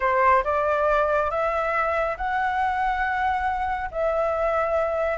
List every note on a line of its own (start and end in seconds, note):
0.00 0.43 C5
0.44 1.30 D5
1.30 2.16 E5
2.17 3.89 F#5
3.91 5.18 E5